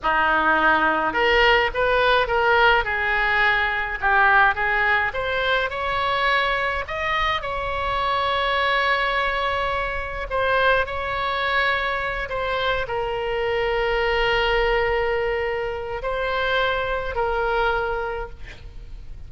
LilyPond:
\new Staff \with { instrumentName = "oboe" } { \time 4/4 \tempo 4 = 105 dis'2 ais'4 b'4 | ais'4 gis'2 g'4 | gis'4 c''4 cis''2 | dis''4 cis''2.~ |
cis''2 c''4 cis''4~ | cis''4. c''4 ais'4.~ | ais'1 | c''2 ais'2 | }